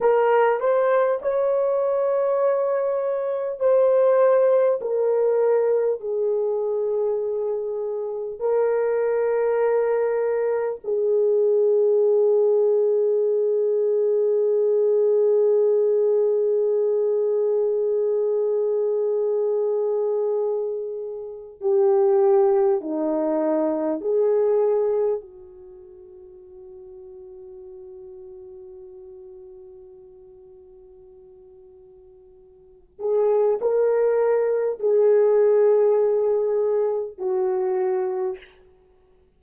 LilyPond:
\new Staff \with { instrumentName = "horn" } { \time 4/4 \tempo 4 = 50 ais'8 c''8 cis''2 c''4 | ais'4 gis'2 ais'4~ | ais'4 gis'2.~ | gis'1~ |
gis'2 g'4 dis'4 | gis'4 fis'2.~ | fis'2.~ fis'8 gis'8 | ais'4 gis'2 fis'4 | }